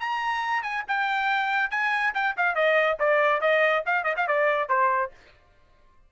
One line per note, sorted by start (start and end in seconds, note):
0.00 0.63 A#5
0.63 0.84 G#5
0.88 1.71 G5
1.71 2.14 G#5
2.14 2.36 G5
2.37 2.55 F5
2.55 2.98 D#5
3.00 3.41 D5
3.41 3.84 D#5
3.86 4.04 F5
4.04 4.15 D#5
4.17 4.28 F5
4.28 4.69 D5
4.69 5.12 C5